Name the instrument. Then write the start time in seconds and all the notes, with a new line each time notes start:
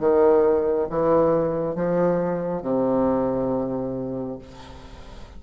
bassoon
0.00 D#3
0.90 E3
1.76 F3
2.63 C3